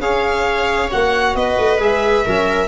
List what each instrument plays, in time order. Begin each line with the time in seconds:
0.00 tuba C#4, trombone G#4, viola C#5, violin F5
0.91 tuba A#3, trombone F#4, violin F#5
1.35 tuba B3, viola B4, violin D#5
1.58 tuba A3
1.80 tuba G#3, trombone G#4, violin E5
2.26 tuba F#3, trombone C#4, viola A#4